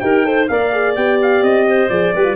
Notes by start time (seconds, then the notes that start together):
0.00 D#4 G4 A#4 G5
0.25 A4 C5
0.48 A#3 A#4 D5 F5
0.73 G#4
0.96 B3 G4 G5
1.23 F5
1.43 C4 D#5
1.68 C5
1.90 F3 G#4 D5
2.15 G3 G4 B4
2.24 F4